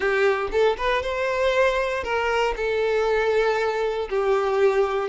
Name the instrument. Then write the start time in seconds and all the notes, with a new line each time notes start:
violin
0.00 G4
0.51 A4
0.77 B4
1.02 C5
2.03 A#4
2.56 A4
4.09 G4